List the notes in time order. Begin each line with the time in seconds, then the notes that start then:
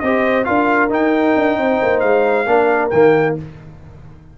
0.00 C4 G4 C5 D#5
0.45 D4 F4 A#4 F5
0.90 D#4 G5
1.36 D4
1.58 C4 C5
1.82 A#3
2.00 G#3 F5
2.47 A#3 D4 A#4
2.90 D#3 A#3 G5